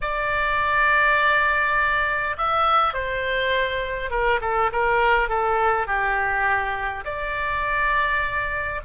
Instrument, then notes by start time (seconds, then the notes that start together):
oboe
0.01 D5
2.37 E5
2.93 C5
4.10 A#4
4.41 A4
4.72 A#4
5.28 A4
5.87 G4
7.04 D5